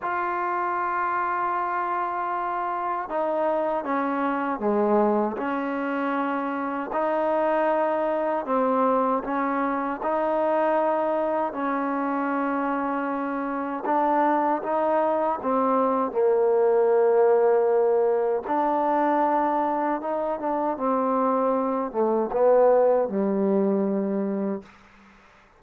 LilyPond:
\new Staff \with { instrumentName = "trombone" } { \time 4/4 \tempo 4 = 78 f'1 | dis'4 cis'4 gis4 cis'4~ | cis'4 dis'2 c'4 | cis'4 dis'2 cis'4~ |
cis'2 d'4 dis'4 | c'4 ais2. | d'2 dis'8 d'8 c'4~ | c'8 a8 b4 g2 | }